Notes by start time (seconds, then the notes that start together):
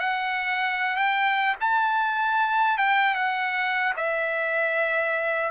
0.00 F#5
0.97 G5
1.61 A5
2.78 G5
3.15 F#5
3.97 E5